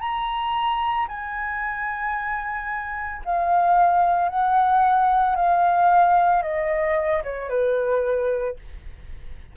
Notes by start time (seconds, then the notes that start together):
0.00 A#5
1.08 G#5
3.25 F5
4.29 F#5
5.36 F5
6.42 D#5
7.24 C#5
7.50 B4